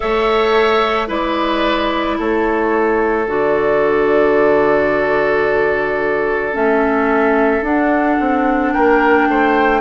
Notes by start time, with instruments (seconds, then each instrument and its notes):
0.00 bassoon A3, clarinet A4, oboe C#5, flute E5
1.07 bassoon G#3, clarinet E4, oboe B4, flute D5
2.18 bassoon A3, oboe A4, flute C#5
3.27 bassoon D3, clarinet F#4, flute D5
6.52 bassoon A3, clarinet C#4, flute E5
7.61 bassoon D4, clarinet D4, flute F#5
8.20 bassoon C4
8.72 bassoon A#3, oboe A#4, flute G5
9.28 bassoon A3, oboe C5